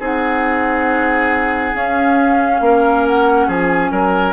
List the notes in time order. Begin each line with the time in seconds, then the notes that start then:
0.00 C4 D#4 G#4 F#5
1.74 C#4 F5
2.61 A#3 A#4
3.07 F#5
3.48 F3 G#4 G#5
3.92 F#3 A#4